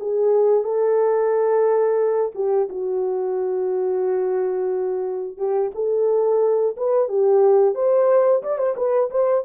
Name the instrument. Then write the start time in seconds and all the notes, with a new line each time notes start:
horn
0.00 G#4
0.64 A4
2.35 G4
2.69 F#4
5.37 G4
5.75 A4
6.77 B4
7.08 G4
7.75 C5
8.43 D5
8.58 C5
8.76 B4
9.10 C5